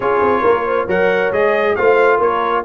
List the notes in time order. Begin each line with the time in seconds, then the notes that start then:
0.00 C#4 F4 G#4 C#5
0.21 C4
0.41 A#3 A#4
0.66 C5
0.86 F#3 A#4 C#5 F#5
1.31 G#3 G#4 D#5
1.75 A3 F4 C5 F5
2.17 A#3 A#4 C#5